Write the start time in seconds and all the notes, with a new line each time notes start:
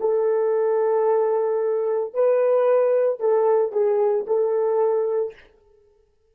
0.00 A4
2.13 B4
3.19 A4
3.72 G#4
4.27 A4